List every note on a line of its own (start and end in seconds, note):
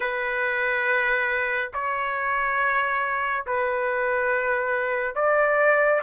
0.00 1.70 B4
1.73 3.45 C#5
3.46 5.15 B4
5.15 6.01 D5